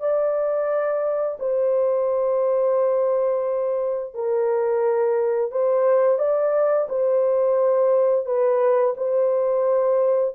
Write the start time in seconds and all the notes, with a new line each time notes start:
0.00 D5
1.39 C5
4.14 A#4
5.52 C5
6.19 D5
6.89 C5
8.26 B4
8.97 C5